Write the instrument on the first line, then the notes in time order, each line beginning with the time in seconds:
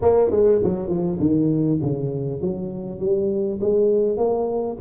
tuba
0.01 A#3
0.30 G#3
0.63 F#3
0.88 F3
1.19 D#3
1.81 C#3
2.41 F#3
2.99 G3
3.60 G#3
4.17 A#3